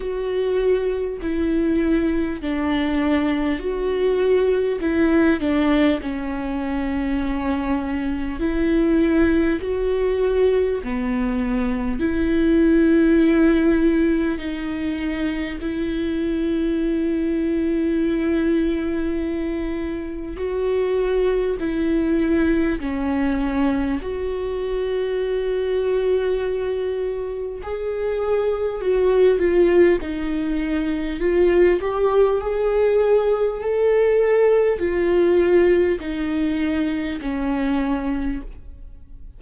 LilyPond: \new Staff \with { instrumentName = "viola" } { \time 4/4 \tempo 4 = 50 fis'4 e'4 d'4 fis'4 | e'8 d'8 cis'2 e'4 | fis'4 b4 e'2 | dis'4 e'2.~ |
e'4 fis'4 e'4 cis'4 | fis'2. gis'4 | fis'8 f'8 dis'4 f'8 g'8 gis'4 | a'4 f'4 dis'4 cis'4 | }